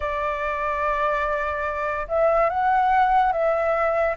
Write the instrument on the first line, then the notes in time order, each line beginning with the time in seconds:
flute
0.00 D5
2.08 E5
2.49 F#5
3.32 E5